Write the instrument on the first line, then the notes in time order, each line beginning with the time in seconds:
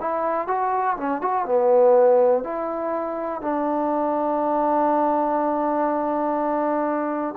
trombone
0.00 E4
0.47 F#4
0.97 C#4
1.21 F#4
1.45 B3
2.43 E4
3.41 D4